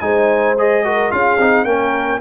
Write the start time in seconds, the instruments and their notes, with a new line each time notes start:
0.00 tuba G#3, trombone D#4, horn C5, trumpet G#5
0.58 trombone G#4, trumpet D#5
0.85 trombone F#4, horn A#4
1.11 tuba C#4, trombone F4, horn G#4, trumpet F5
1.39 tuba C4, trombone D#4
1.65 tuba A#3, trombone C#4, horn A#4, trumpet G5